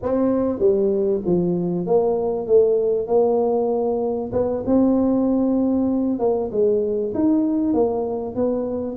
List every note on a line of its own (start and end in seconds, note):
0.02 0.59 C4
0.59 1.21 G3
1.25 1.86 F3
1.86 2.46 A#3
2.46 3.07 A3
3.07 4.30 A#3
4.32 4.63 B3
4.66 6.19 C4
6.19 6.50 A#3
6.51 7.13 G#3
7.14 7.73 D#4
7.73 8.35 A#3
8.35 8.97 B3